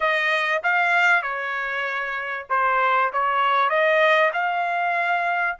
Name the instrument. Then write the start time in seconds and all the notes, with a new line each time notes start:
trumpet
0.00 D#5
0.63 F5
1.22 C#5
2.49 C5
3.12 C#5
3.69 D#5
4.33 F5